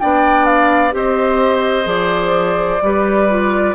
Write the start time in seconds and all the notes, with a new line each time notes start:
0.00 B3 D4 D5 G5
0.46 F5
0.92 C4 G4 C5 D#5
1.84 F3 G#4 D5
2.82 G3 G4 B4
3.29 F4